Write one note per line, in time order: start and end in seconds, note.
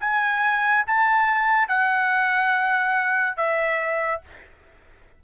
0.00 0.85 G#5
0.86 1.68 A5
1.68 3.36 F#5
3.36 4.21 E5